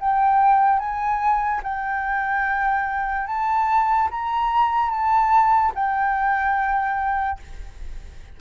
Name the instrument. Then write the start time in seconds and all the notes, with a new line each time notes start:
flute
0.00 G5
0.79 G#5
1.63 G5
3.27 A5
4.11 A#5
4.90 A5
5.75 G5